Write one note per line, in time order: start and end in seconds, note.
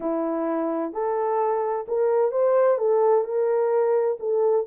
0.00 0.92 E4
0.92 1.85 A4
1.88 2.31 A#4
2.31 2.78 C5
2.78 3.24 A4
3.24 4.17 A#4
4.19 4.66 A4